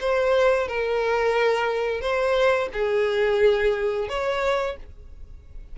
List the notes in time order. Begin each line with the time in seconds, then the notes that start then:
0.00 C5
0.68 A#4
2.01 C5
2.73 G#4
4.08 C#5